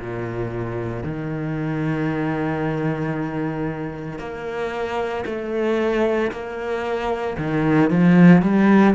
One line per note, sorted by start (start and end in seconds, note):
0.00 1.03 A#2
1.03 4.19 D#3
4.19 5.24 A#3
5.26 6.31 A3
6.32 7.37 A#3
7.38 7.90 D#3
7.90 8.42 F3
8.42 8.95 G3